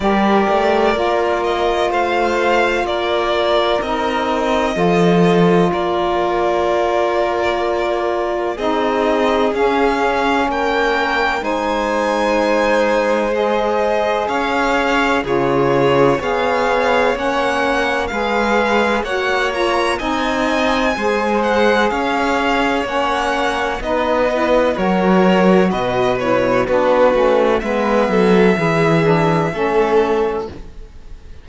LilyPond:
<<
  \new Staff \with { instrumentName = "violin" } { \time 4/4 \tempo 4 = 63 d''4. dis''8 f''4 d''4 | dis''2 d''2~ | d''4 dis''4 f''4 g''4 | gis''2 dis''4 f''4 |
cis''4 f''4 fis''4 f''4 | fis''8 ais''8 gis''4. fis''8 f''4 | fis''4 dis''4 cis''4 dis''8 cis''8 | b'4 e''2. | }
  \new Staff \with { instrumentName = "violin" } { \time 4/4 ais'2 c''4 ais'4~ | ais'4 a'4 ais'2~ | ais'4 gis'2 ais'4 | c''2. cis''4 |
gis'4 cis''2 b'4 | cis''4 dis''4 c''4 cis''4~ | cis''4 b'4 ais'4 b'4 | fis'4 b'8 a'8 gis'4 a'4 | }
  \new Staff \with { instrumentName = "saxophone" } { \time 4/4 g'4 f'2. | dis'4 f'2.~ | f'4 dis'4 cis'2 | dis'2 gis'2 |
f'4 gis'4 cis'4 gis'4 | fis'8 f'8 dis'4 gis'2 | cis'4 dis'8 e'8 fis'4. e'8 | d'8 cis'8 b4 e'8 d'8 cis'4 | }
  \new Staff \with { instrumentName = "cello" } { \time 4/4 g8 a8 ais4 a4 ais4 | c'4 f4 ais2~ | ais4 c'4 cis'4 ais4 | gis2. cis'4 |
cis4 b4 ais4 gis4 | ais4 c'4 gis4 cis'4 | ais4 b4 fis4 b,4 | b8 a8 gis8 fis8 e4 a4 | }
>>